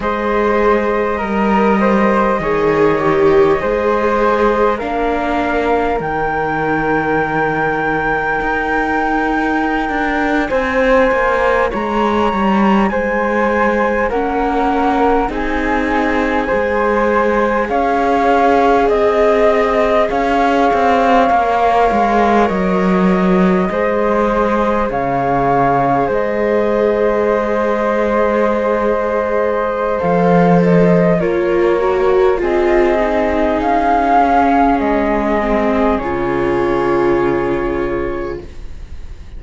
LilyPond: <<
  \new Staff \with { instrumentName = "flute" } { \time 4/4 \tempo 4 = 50 dis''1 | f''4 g''2.~ | g''8. gis''4 ais''4 gis''4 fis''16~ | fis''8. gis''2 f''4 dis''16~ |
dis''8. f''2 dis''4~ dis''16~ | dis''8. f''4 dis''2~ dis''16~ | dis''4 f''8 dis''8 cis''4 dis''4 | f''4 dis''4 cis''2 | }
  \new Staff \with { instrumentName = "flute" } { \time 4/4 c''4 ais'8 c''8 cis''4 c''4 | ais'1~ | ais'8. c''4 cis''4 c''4 ais'16~ | ais'8. gis'4 c''4 cis''4 dis''16~ |
dis''8. cis''2. c''16~ | c''8. cis''4 c''2~ c''16~ | c''2 ais'4 gis'4~ | gis'1 | }
  \new Staff \with { instrumentName = "viola" } { \time 4/4 gis'4 ais'4 gis'8 g'8 gis'4 | d'4 dis'2.~ | dis'2.~ dis'8. cis'16~ | cis'8. dis'4 gis'2~ gis'16~ |
gis'4.~ gis'16 ais'2 gis'16~ | gis'1~ | gis'4 a'4 f'8 fis'8 f'8 dis'8~ | dis'8 cis'4 c'8 f'2 | }
  \new Staff \with { instrumentName = "cello" } { \time 4/4 gis4 g4 dis4 gis4 | ais4 dis2 dis'4~ | dis'16 d'8 c'8 ais8 gis8 g8 gis4 ais16~ | ais8. c'4 gis4 cis'4 c'16~ |
c'8. cis'8 c'8 ais8 gis8 fis4 gis16~ | gis8. cis4 gis2~ gis16~ | gis4 f4 ais4 c'4 | cis'4 gis4 cis2 | }
>>